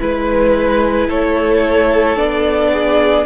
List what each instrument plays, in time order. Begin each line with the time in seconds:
0.00 cello G#3, viola E4, violin B4
1.08 cello A3, violin A4 C#5
2.16 cello B3, viola D4, violin D5
2.72 violin G#4